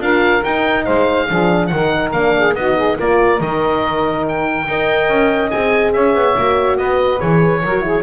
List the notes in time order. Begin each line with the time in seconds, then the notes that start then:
0.00 D4 F4 A#4 F5
0.44 D#4 G5
0.85 G#3 C5 F5
1.28 F3 D4 G#4
1.67 D#3 D#4 F#5
1.74 A#4
2.12 A#3 D4 F5
2.37 G#4
2.55 B3 D#4 F#4 D#5
2.76 G#4
2.98 A#3 F4 A#4 D5
3.39 D#3 D#4 D#5
4.29 G5
4.68 D#4 A#4 D#5
5.09 C#4
5.50 C4 G#4 G#5
5.93 C#4 C#5 E5
6.15 B3
6.35 A#3 F#4
6.77 B3 B4 D#5
7.19 E3 G#4 C#5
7.64 F#3 F#4 A#4
7.82 E4 G#4